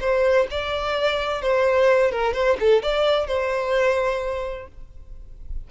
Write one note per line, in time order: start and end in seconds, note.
0.00 0.47 C5
0.50 1.42 D5
1.42 2.11 C5
2.11 2.33 A#4
2.33 2.57 C5
2.60 2.83 A4
2.83 3.27 D5
3.27 4.67 C5